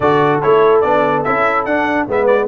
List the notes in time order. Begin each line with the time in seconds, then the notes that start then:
0.00 D3 F#4 A4 D5
0.42 A3 E4 C#5
0.81 B3 D4 D5
1.24 C#4 E4 E5
1.65 D4 F#5
2.07 G#3 B3 B4 E5
2.26 D5